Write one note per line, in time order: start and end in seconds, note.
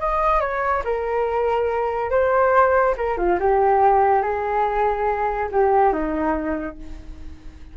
0.00 0.41 D#5
0.41 0.83 C#5
0.84 2.10 A#4
2.10 2.95 C5
2.97 3.17 A#4
3.17 3.39 F4
3.40 4.22 G4
4.22 5.49 G#4
5.52 5.93 G4
5.93 6.77 D#4